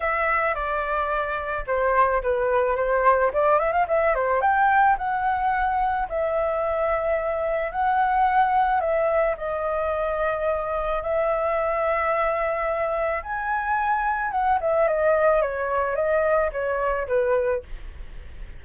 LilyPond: \new Staff \with { instrumentName = "flute" } { \time 4/4 \tempo 4 = 109 e''4 d''2 c''4 | b'4 c''4 d''8 e''16 f''16 e''8 c''8 | g''4 fis''2 e''4~ | e''2 fis''2 |
e''4 dis''2. | e''1 | gis''2 fis''8 e''8 dis''4 | cis''4 dis''4 cis''4 b'4 | }